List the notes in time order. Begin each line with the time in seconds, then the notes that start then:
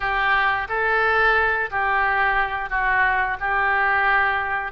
0.00 G4
0.68 A4
1.70 G4
2.69 F#4
3.40 G4